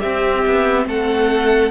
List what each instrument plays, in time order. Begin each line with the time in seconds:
0.00 cello C4, viola C4, violin G4 E5
0.46 cello B3
0.86 cello A3, violin A4 F#5